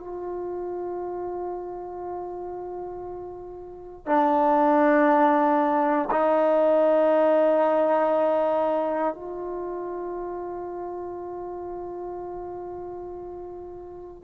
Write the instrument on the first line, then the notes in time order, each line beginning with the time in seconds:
trombone
0.00 F4
4.06 D4
6.12 D#4
9.15 F4